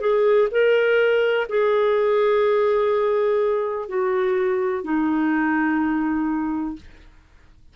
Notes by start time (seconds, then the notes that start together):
0.00 G#4
0.51 A#4
1.49 G#4
3.88 F#4
4.84 D#4